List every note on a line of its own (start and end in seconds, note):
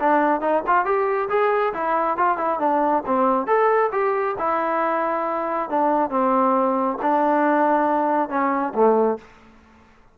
0.00 0.41 D4
0.41 0.63 D#4
0.67 0.85 F4
0.85 1.29 G4
1.30 1.73 G#4
1.74 2.18 E4
2.18 2.38 F4
2.38 2.60 E4
2.60 3.03 D4
3.06 3.47 C4
3.47 3.91 A4
3.92 4.36 G4
4.39 5.70 E4
5.70 6.10 D4
6.10 6.98 C4
7.02 8.30 D4
8.30 8.73 C#4
8.75 9.18 A3